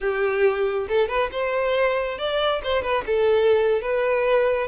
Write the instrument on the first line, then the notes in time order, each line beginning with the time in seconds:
violin
0.00 G4
0.88 A4
1.08 B4
1.31 C5
2.18 D5
2.63 C5
2.82 B4
3.06 A4
3.81 B4